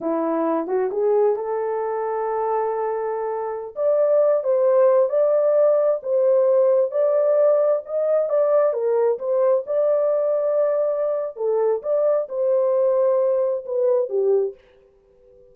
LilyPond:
\new Staff \with { instrumentName = "horn" } { \time 4/4 \tempo 4 = 132 e'4. fis'8 gis'4 a'4~ | a'1~ | a'16 d''4. c''4. d''8.~ | d''4~ d''16 c''2 d''8.~ |
d''4~ d''16 dis''4 d''4 ais'8.~ | ais'16 c''4 d''2~ d''8.~ | d''4 a'4 d''4 c''4~ | c''2 b'4 g'4 | }